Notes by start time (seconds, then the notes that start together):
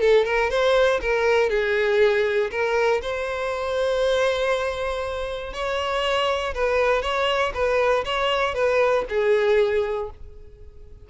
0.00 A4
0.25 A#4
0.50 C5
1.01 A#4
1.49 G#4
2.50 A#4
3.01 C5
5.53 C#5
6.54 B4
7.02 C#5
7.54 B4
8.04 C#5
8.54 B4
9.09 G#4